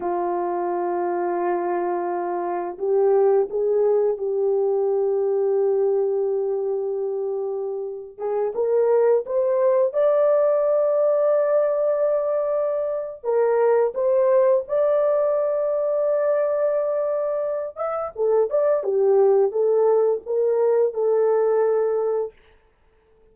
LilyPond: \new Staff \with { instrumentName = "horn" } { \time 4/4 \tempo 4 = 86 f'1 | g'4 gis'4 g'2~ | g'2.~ g'8. gis'16~ | gis'16 ais'4 c''4 d''4.~ d''16~ |
d''2. ais'4 | c''4 d''2.~ | d''4. e''8 a'8 d''8 g'4 | a'4 ais'4 a'2 | }